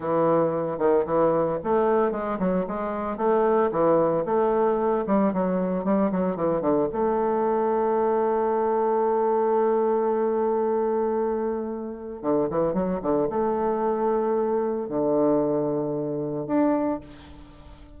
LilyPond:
\new Staff \with { instrumentName = "bassoon" } { \time 4/4 \tempo 4 = 113 e4. dis8 e4 a4 | gis8 fis8 gis4 a4 e4 | a4. g8 fis4 g8 fis8 | e8 d8 a2.~ |
a1~ | a2. d8 e8 | fis8 d8 a2. | d2. d'4 | }